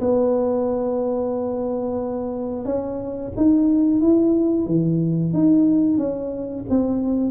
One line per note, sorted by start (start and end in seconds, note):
0.00 2.65 B3
2.65 3.32 C#4
3.36 4.00 D#4
4.00 4.66 E4
4.66 5.33 E3
5.33 5.97 D#4
5.97 6.64 C#4
6.69 7.30 C4